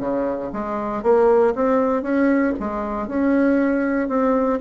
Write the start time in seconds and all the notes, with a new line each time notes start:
0.00 C#3
0.53 G#3
1.03 A#3
1.55 C4
2.02 C#4
2.60 G#3
3.08 C#4
4.09 C4